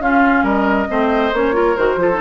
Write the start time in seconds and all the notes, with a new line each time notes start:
0.00 C#4 F4 F5
0.43 G3 A#4 D#5
0.88 A3 C4 C5
1.33 A#3 C#4 C#5
1.53 F4 A#4
1.77 D#3 F#4 C5
1.97 F3 F4 A4
2.14 D#4